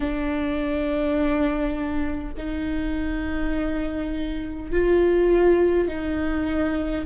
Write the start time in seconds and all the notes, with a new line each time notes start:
0.00 D4
2.37 D#4
4.71 F4
5.88 D#4